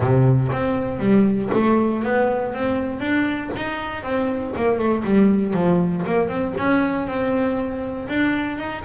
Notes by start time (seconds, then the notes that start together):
0.00 C3
0.52 C4
0.99 G3
1.53 A3
2.03 B3
2.53 C4
3.00 D4
3.55 D#4
4.03 C4
4.56 A#3
4.78 A3
5.04 G3
5.53 F3
6.05 A#3
6.28 C4
6.57 C#4
7.07 C4
8.08 D4
8.57 D#4